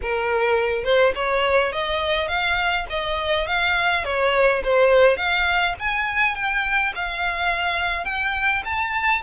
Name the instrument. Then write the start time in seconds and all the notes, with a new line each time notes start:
violin
0.02 A#4
0.84 C5
1.15 C#5
1.72 D#5
2.28 F5
2.89 D#5
3.47 F5
4.04 C#5
4.63 C5
5.16 F5
5.79 G#5
6.35 G5
6.95 F5
8.05 G5
8.64 A5